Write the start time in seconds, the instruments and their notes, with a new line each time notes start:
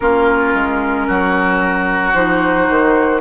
0.00 bassoon A#3, clarinet C#4, oboe F4, flute A#4
0.54 bassoon G#3
1.07 bassoon F#3, oboe F#4
2.14 bassoon F3, clarinet D#4, flute C5
2.69 bassoon D#3